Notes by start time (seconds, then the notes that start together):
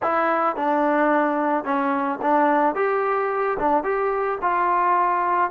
0.02 E4
0.56 D4
1.64 C#4
2.22 D4
2.75 G4
3.59 D4
3.83 G4
4.41 F4